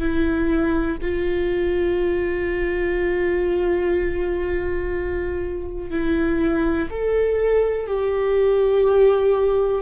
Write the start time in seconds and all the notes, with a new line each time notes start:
0.00 E4
1.02 F4
5.91 E4
6.91 A4
7.87 G4